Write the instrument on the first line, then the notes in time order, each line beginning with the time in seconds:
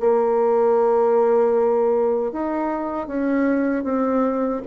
bassoon
0.00 A#3
2.32 D#4
3.07 C#4
3.84 C4